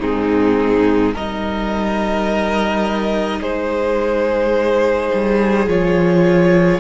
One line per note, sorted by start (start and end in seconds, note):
0.00 1.15 G#2
0.00 1.14 C4
0.00 1.13 D#4
0.00 1.14 G#4
1.13 3.40 G3
1.13 5.68 D#4
1.13 3.40 A#4
1.13 3.42 D#5
3.40 5.10 G#3
3.40 6.80 G#4
3.40 5.69 C5
5.14 5.67 G3
5.67 6.80 F3
5.67 6.80 F4
5.67 6.80 C#5